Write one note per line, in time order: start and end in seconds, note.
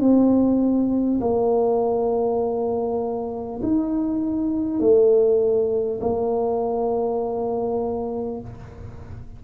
0.00 1.20 C4
1.21 3.61 A#3
3.63 4.80 D#4
4.80 6.00 A3
6.01 8.41 A#3